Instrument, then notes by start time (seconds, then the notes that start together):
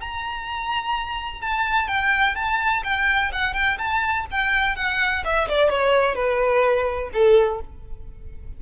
violin
0.00 A#5
1.41 A5
1.87 G5
2.35 A5
2.83 G5
3.32 F#5
3.54 G5
3.78 A5
4.31 G5
4.76 F#5
5.24 E5
5.48 D5
5.69 C#5
6.15 B4
7.13 A4